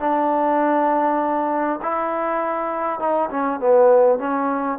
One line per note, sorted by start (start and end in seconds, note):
0.00 1.80 D4
1.82 3.00 E4
3.00 3.30 D#4
3.30 3.60 C#4
3.60 4.19 B3
4.19 4.79 C#4